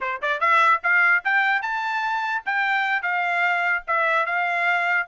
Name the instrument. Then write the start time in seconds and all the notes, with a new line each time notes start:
trumpet
0.00 C5
0.21 D5
0.40 E5
0.83 F5
1.24 G5
1.61 A5
2.45 G5
3.02 F5
3.87 E5
4.26 F5